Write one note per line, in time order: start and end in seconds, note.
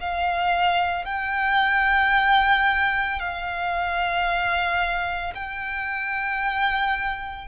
0.00 1.05 F5
1.05 3.19 G5
3.19 5.34 F5
5.35 7.48 G5